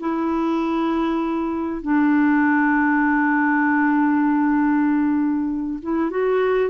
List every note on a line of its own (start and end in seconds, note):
0.00 1.82 E4
1.82 5.80 D4
5.82 6.10 E4
6.10 6.70 F#4